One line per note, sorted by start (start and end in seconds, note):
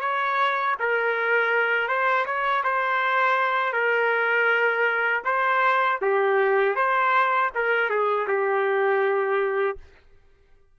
0.00 0.75 C#5
0.79 1.88 A#4
1.88 2.25 C5
2.25 2.62 C#5
2.64 3.73 C5
3.73 5.23 A#4
5.24 5.99 C5
6.01 6.75 G4
6.75 7.50 C5
7.54 7.89 A#4
7.89 8.27 G#4
8.27 9.77 G4